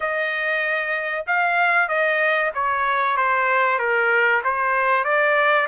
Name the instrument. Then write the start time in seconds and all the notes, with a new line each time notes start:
trumpet
0.00 D#5
1.26 F5
1.88 D#5
2.54 C#5
3.16 C5
3.78 A#4
4.44 C5
5.04 D5